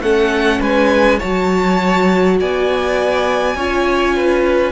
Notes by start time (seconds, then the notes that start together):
0.00 A3 C#4 A4 F#5
0.60 G#3 B4 G#5
1.18 F#3 F#4 C#5 A5
2.39 B3 D5 G#5
3.55 C#4 F4 C#5
4.15 B4